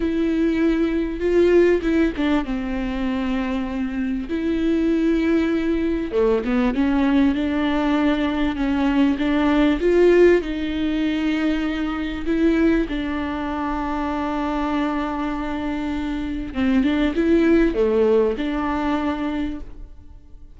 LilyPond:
\new Staff \with { instrumentName = "viola" } { \time 4/4 \tempo 4 = 98 e'2 f'4 e'8 d'8 | c'2. e'4~ | e'2 a8 b8 cis'4 | d'2 cis'4 d'4 |
f'4 dis'2. | e'4 d'2.~ | d'2. c'8 d'8 | e'4 a4 d'2 | }